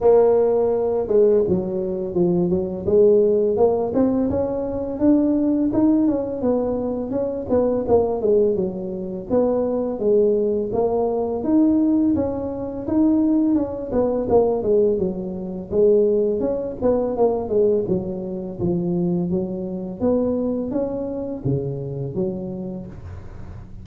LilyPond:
\new Staff \with { instrumentName = "tuba" } { \time 4/4 \tempo 4 = 84 ais4. gis8 fis4 f8 fis8 | gis4 ais8 c'8 cis'4 d'4 | dis'8 cis'8 b4 cis'8 b8 ais8 gis8 | fis4 b4 gis4 ais4 |
dis'4 cis'4 dis'4 cis'8 b8 | ais8 gis8 fis4 gis4 cis'8 b8 | ais8 gis8 fis4 f4 fis4 | b4 cis'4 cis4 fis4 | }